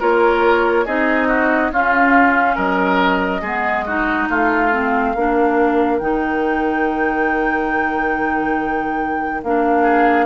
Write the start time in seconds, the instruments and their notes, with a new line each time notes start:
0.00 bassoon A#3, clarinet F4, oboe A#4, flute C#5
0.86 bassoon C4, clarinet D#4, oboe G#4, flute D#5
1.28 oboe F#4
1.71 bassoon C#4, clarinet C#4, oboe F4, flute F5
2.56 bassoon F#3, oboe A#4, flute D#5
3.42 bassoon G#3, clarinet B3, oboe G#4
3.86 clarinet D#4, oboe F#4
4.30 bassoon A3, oboe F4, flute F5
4.72 clarinet C4
5.16 bassoon A#3, clarinet D4, oboe A#4
5.99 bassoon D#3, clarinet D#4, flute G5
9.43 bassoon A#3, clarinet D4, flute F5
9.83 oboe G#4